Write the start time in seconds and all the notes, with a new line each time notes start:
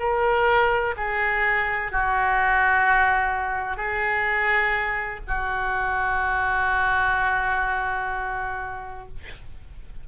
0.00 A#4
0.97 G#4
1.92 F#4
3.77 G#4
5.27 F#4